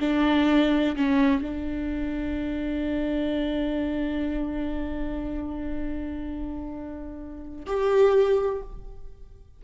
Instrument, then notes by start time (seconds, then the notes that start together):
viola
0.00 D4
0.96 C#4
1.42 D4
7.66 G4